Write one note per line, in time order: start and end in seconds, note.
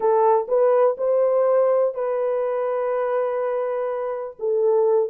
0.00 0.46 A4
0.48 0.96 B4
0.97 1.94 C5
1.94 4.36 B4
4.39 5.09 A4